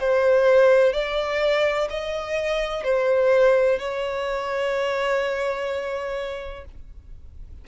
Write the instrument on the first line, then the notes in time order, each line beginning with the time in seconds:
violin
0.00 C5
0.93 D5
1.90 D#5
2.84 C5
3.79 C#5